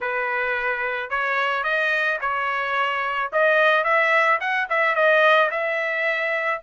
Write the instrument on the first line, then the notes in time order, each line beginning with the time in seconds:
trumpet
0.00 B4
1.10 C#5
1.63 D#5
2.20 C#5
3.32 D#5
3.84 E5
4.40 F#5
4.69 E5
4.95 D#5
5.50 E5